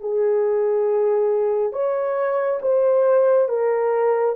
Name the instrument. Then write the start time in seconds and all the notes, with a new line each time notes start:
horn
0.00 G#4
1.73 C#5
2.62 C5
3.48 A#4